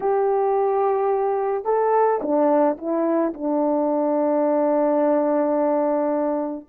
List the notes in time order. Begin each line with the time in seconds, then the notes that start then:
0.00 G4
1.65 A4
2.21 D4
2.77 E4
3.33 D4